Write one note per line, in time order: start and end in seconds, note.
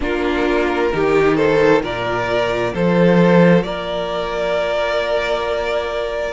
0.00 0.91 A#3
0.00 0.91 D4
0.00 0.92 F4
0.00 1.36 A#4
0.93 1.83 D#3
0.93 1.80 D#4
0.93 1.36 G4
1.36 1.82 A4
1.36 1.81 C5
1.80 2.74 A#2
1.80 6.33 F4
1.80 2.73 A#4
1.80 2.74 D5
2.74 3.63 F3
2.74 3.65 A4
2.74 3.63 C5
3.63 6.33 A#3
3.63 6.33 A#4
3.63 6.33 D5